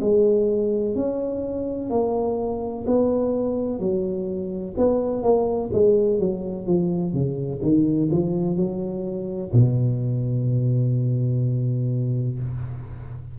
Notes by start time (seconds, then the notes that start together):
0.00 G#3
0.95 C#4
1.90 A#3
2.86 B3
3.79 F#3
4.77 B3
5.23 A#3
5.73 G#3
6.19 F#3
6.66 F3
7.13 C#3
7.62 D#3
8.11 F3
8.56 F#3
9.52 B2